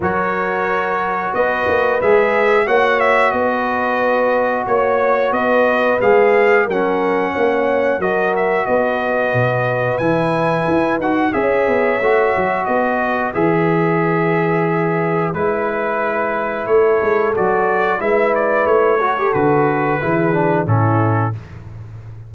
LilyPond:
<<
  \new Staff \with { instrumentName = "trumpet" } { \time 4/4 \tempo 4 = 90 cis''2 dis''4 e''4 | fis''8 e''8 dis''2 cis''4 | dis''4 f''4 fis''2 | dis''8 e''8 dis''2 gis''4~ |
gis''8 fis''8 e''2 dis''4 | e''2. b'4~ | b'4 cis''4 d''4 e''8 d''8 | cis''4 b'2 a'4 | }
  \new Staff \with { instrumentName = "horn" } { \time 4/4 ais'2 b'2 | cis''4 b'2 cis''4 | b'2 ais'4 cis''4 | ais'4 b'2.~ |
b'4 cis''2 b'4~ | b'1~ | b'4 a'2 b'4~ | b'8 a'4. gis'4 e'4 | }
  \new Staff \with { instrumentName = "trombone" } { \time 4/4 fis'2. gis'4 | fis'1~ | fis'4 gis'4 cis'2 | fis'2. e'4~ |
e'8 fis'8 gis'4 fis'2 | gis'2. e'4~ | e'2 fis'4 e'4~ | e'8 fis'16 g'16 fis'4 e'8 d'8 cis'4 | }
  \new Staff \with { instrumentName = "tuba" } { \time 4/4 fis2 b8 ais8 gis4 | ais4 b2 ais4 | b4 gis4 fis4 ais4 | fis4 b4 b,4 e4 |
e'8 dis'8 cis'8 b8 a8 fis8 b4 | e2. gis4~ | gis4 a8 gis8 fis4 gis4 | a4 d4 e4 a,4 | }
>>